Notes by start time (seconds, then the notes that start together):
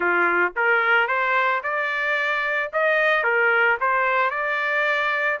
0.00 F4
0.56 A#4
1.07 C5
1.63 D5
2.72 D#5
3.23 A#4
3.80 C5
4.30 D5